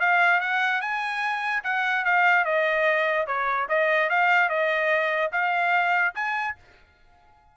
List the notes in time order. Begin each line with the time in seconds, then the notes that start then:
0.00 F5
0.41 F#5
0.81 G#5
1.63 F#5
2.05 F5
2.45 D#5
3.27 C#5
3.69 D#5
4.10 F5
4.49 D#5
5.32 F5
6.15 G#5